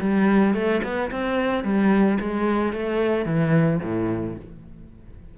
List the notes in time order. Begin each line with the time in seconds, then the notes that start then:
0.00 G3
0.54 A3
0.83 B3
1.11 C4
1.64 G3
2.20 G#3
2.72 A3
3.25 E3
3.82 A2